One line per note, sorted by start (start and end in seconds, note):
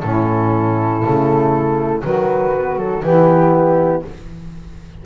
0.00 1.03 A2
0.00 1.03 C#4
0.00 2.00 A4
0.06 2.03 E4
1.03 2.03 C#3
1.03 2.03 A3
2.03 3.03 D#3
2.03 2.53 F#3
2.03 3.03 F#4
2.03 2.79 B4
2.54 2.77 B3
2.77 3.02 F#3
2.77 3.04 A4
3.03 4.03 E3
3.03 4.03 B3
3.03 4.06 E4
3.03 4.04 G4